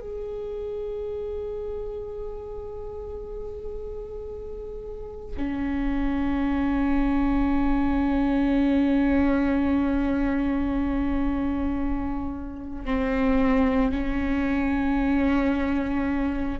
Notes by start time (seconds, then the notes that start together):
0.00 G#4
5.36 C#4
12.85 C4
13.91 C#4